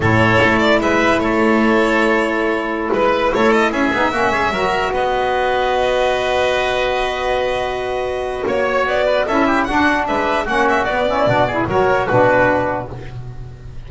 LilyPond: <<
  \new Staff \with { instrumentName = "violin" } { \time 4/4 \tempo 4 = 149 cis''4. d''8 e''4 cis''4~ | cis''2.~ cis''16 b'8.~ | b'16 cis''8 dis''8 e''2~ e''8.~ | e''16 dis''2.~ dis''8.~ |
dis''1~ | dis''4 cis''4 d''4 e''4 | fis''4 e''4 fis''8 e''8 d''4~ | d''4 cis''4 b'2 | }
  \new Staff \with { instrumentName = "oboe" } { \time 4/4 a'2 b'4 a'4~ | a'2.~ a'16 b'8.~ | b'16 a'4 gis'4 fis'8 gis'8 ais'8.~ | ais'16 b'2.~ b'8.~ |
b'1~ | b'4 cis''4. b'8 a'8 g'8 | fis'4 b'4 fis'4. e'8 | fis'8 gis'8 ais'4 fis'2 | }
  \new Staff \with { instrumentName = "saxophone" } { \time 4/4 e'1~ | e'1~ | e'4.~ e'16 dis'8 cis'4 fis'8.~ | fis'1~ |
fis'1~ | fis'2. e'4 | d'2 cis'4 b8 cis'8 | d'8 e'8 fis'4 d'2 | }
  \new Staff \with { instrumentName = "double bass" } { \time 4/4 a,4 a4 gis4 a4~ | a2.~ a16 gis8.~ | gis16 a4 cis'8 b8 ais8 gis8 fis8.~ | fis16 b2.~ b8.~ |
b1~ | b4 ais4 b4 cis'4 | d'4 gis4 ais4 b4 | b,4 fis4 b,2 | }
>>